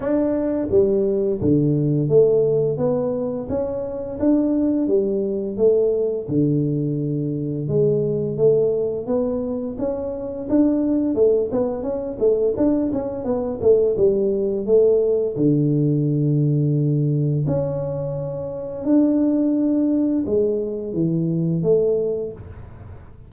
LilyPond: \new Staff \with { instrumentName = "tuba" } { \time 4/4 \tempo 4 = 86 d'4 g4 d4 a4 | b4 cis'4 d'4 g4 | a4 d2 gis4 | a4 b4 cis'4 d'4 |
a8 b8 cis'8 a8 d'8 cis'8 b8 a8 | g4 a4 d2~ | d4 cis'2 d'4~ | d'4 gis4 e4 a4 | }